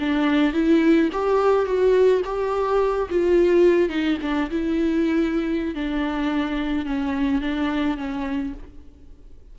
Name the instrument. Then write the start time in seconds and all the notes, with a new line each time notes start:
viola
0.00 D4
0.54 E4
1.13 G4
1.66 F#4
2.25 G4
3.10 F4
3.90 D#4
4.22 D4
4.51 E4
5.75 D4
6.86 C#4
7.41 D4
7.98 C#4